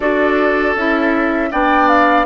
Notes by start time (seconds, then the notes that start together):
0.00 D4 F#4 A4 D5
0.75 C#4 E4 E5
1.51 B3 D4 D5 G5
1.87 F5